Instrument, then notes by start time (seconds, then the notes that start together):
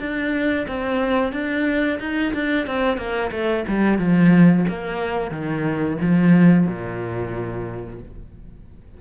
cello
0.00 D4
0.68 C4
1.32 D4
2.00 D#4
2.34 D4
2.67 C4
2.98 A#3
3.32 A3
3.68 G3
3.99 F3
4.68 A#3
5.31 D#3
6.02 F3
6.67 A#2